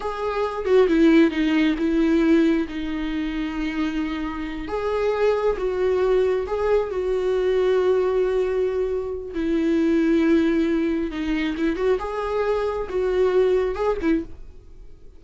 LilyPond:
\new Staff \with { instrumentName = "viola" } { \time 4/4 \tempo 4 = 135 gis'4. fis'8 e'4 dis'4 | e'2 dis'2~ | dis'2~ dis'8 gis'4.~ | gis'8 fis'2 gis'4 fis'8~ |
fis'1~ | fis'4 e'2.~ | e'4 dis'4 e'8 fis'8 gis'4~ | gis'4 fis'2 gis'8 e'8 | }